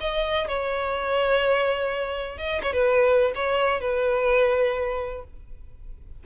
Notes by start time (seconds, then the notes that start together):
0.00 D#5
0.48 C#5
2.37 D#5
2.63 C#5
2.73 B4
3.35 C#5
3.80 B4